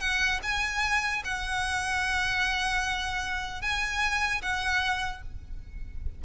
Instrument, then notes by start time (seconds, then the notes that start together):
violin
0.00 F#5
0.43 G#5
1.24 F#5
3.61 G#5
4.42 F#5